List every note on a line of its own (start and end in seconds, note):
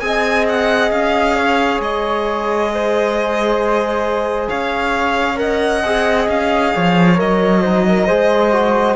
0.00 0.91 C4
0.00 5.36 G#4
0.00 0.45 G#5
0.06 1.37 D#5
0.49 0.92 F#5
0.91 1.80 C#4
0.91 1.81 F5
1.37 2.71 C#5
1.80 4.48 G#3
1.80 4.49 D#5
2.74 4.49 C5
4.49 5.85 C#4
4.49 5.39 C#5
4.49 5.39 F5
5.36 5.81 A#4
5.36 6.75 D#5
5.36 6.29 F#5
5.85 6.28 C4
5.85 7.16 G#4
6.28 6.73 C#4
6.28 7.20 F5
6.75 7.20 F3
6.75 7.62 C#5
7.16 8.10 F#3
7.16 7.61 A#4
7.16 8.96 D#5
7.62 8.08 D#4
7.62 7.84 C5
7.88 8.07 A#4
8.07 8.96 G#3
8.07 8.53 G#4
8.07 8.96 C5
8.53 8.96 F#4